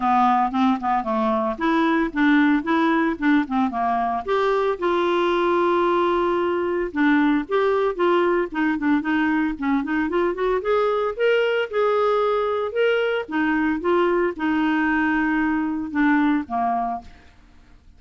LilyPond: \new Staff \with { instrumentName = "clarinet" } { \time 4/4 \tempo 4 = 113 b4 c'8 b8 a4 e'4 | d'4 e'4 d'8 c'8 ais4 | g'4 f'2.~ | f'4 d'4 g'4 f'4 |
dis'8 d'8 dis'4 cis'8 dis'8 f'8 fis'8 | gis'4 ais'4 gis'2 | ais'4 dis'4 f'4 dis'4~ | dis'2 d'4 ais4 | }